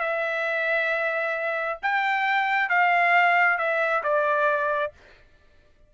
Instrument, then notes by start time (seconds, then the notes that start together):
trumpet
0.00 E5
1.82 G5
2.69 F5
3.58 E5
4.03 D5